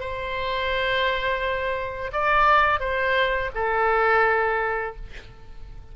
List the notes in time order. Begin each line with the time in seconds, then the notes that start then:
0.00 C5
2.13 D5
2.80 C5
3.55 A4